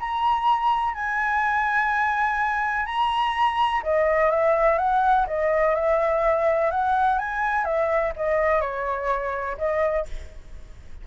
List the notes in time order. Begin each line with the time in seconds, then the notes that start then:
0.00 A#5
0.94 G#5
2.86 A#5
3.83 D#5
4.31 E5
4.78 F#5
5.27 D#5
5.75 E5
6.71 F#5
7.19 G#5
7.65 E5
8.16 D#5
8.61 C#5
9.58 D#5